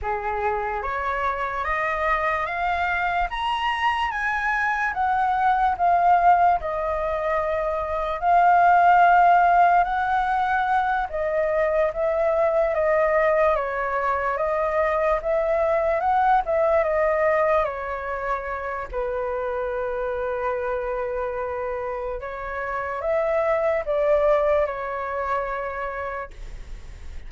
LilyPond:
\new Staff \with { instrumentName = "flute" } { \time 4/4 \tempo 4 = 73 gis'4 cis''4 dis''4 f''4 | ais''4 gis''4 fis''4 f''4 | dis''2 f''2 | fis''4. dis''4 e''4 dis''8~ |
dis''8 cis''4 dis''4 e''4 fis''8 | e''8 dis''4 cis''4. b'4~ | b'2. cis''4 | e''4 d''4 cis''2 | }